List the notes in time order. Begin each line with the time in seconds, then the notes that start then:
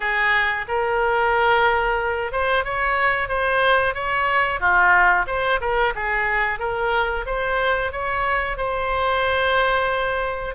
0.00 G#4
0.67 A#4
2.32 C5
2.64 C#5
3.28 C5
3.94 C#5
4.59 F4
5.27 C5
5.60 A#4
5.95 G#4
6.59 A#4
7.26 C5
7.92 C#5
8.57 C5